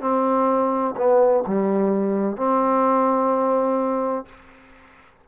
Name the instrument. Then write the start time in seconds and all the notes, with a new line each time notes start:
trombone
0.00 C4
0.96 B3
1.47 G3
2.37 C4